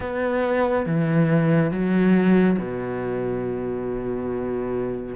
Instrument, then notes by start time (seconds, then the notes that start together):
cello
0.00 B3
0.86 E3
1.71 F#3
2.59 B2